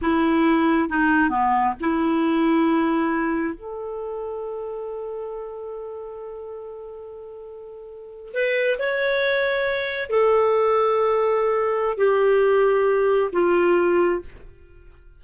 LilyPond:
\new Staff \with { instrumentName = "clarinet" } { \time 4/4 \tempo 4 = 135 e'2 dis'4 b4 | e'1 | a'1~ | a'1~ |
a'2~ a'8. b'4 cis''16~ | cis''2~ cis''8. a'4~ a'16~ | a'2. g'4~ | g'2 f'2 | }